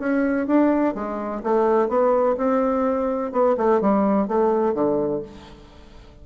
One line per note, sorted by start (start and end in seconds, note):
0.00 0.47 C#4
0.47 0.95 D4
0.95 1.43 G#3
1.44 1.89 A3
1.89 2.37 B3
2.38 3.32 C4
3.32 3.56 B3
3.58 3.81 A3
3.82 4.28 G3
4.28 4.75 A3
4.75 5.23 D3